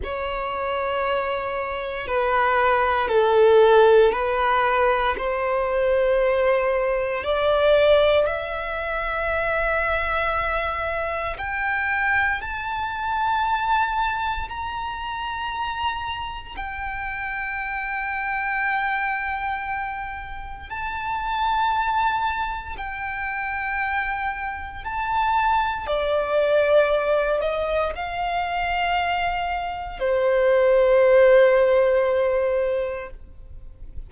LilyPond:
\new Staff \with { instrumentName = "violin" } { \time 4/4 \tempo 4 = 58 cis''2 b'4 a'4 | b'4 c''2 d''4 | e''2. g''4 | a''2 ais''2 |
g''1 | a''2 g''2 | a''4 d''4. dis''8 f''4~ | f''4 c''2. | }